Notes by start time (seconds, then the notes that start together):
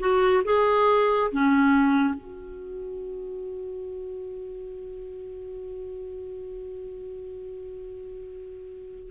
0.00 F#4
0.44 G#4
1.32 C#4
2.15 F#4